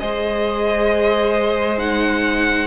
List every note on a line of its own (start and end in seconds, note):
0.00 2.68 G#3
0.00 1.78 G#4
0.00 2.68 C5
0.00 1.79 D#5
1.78 2.68 D#4
1.78 2.68 F#5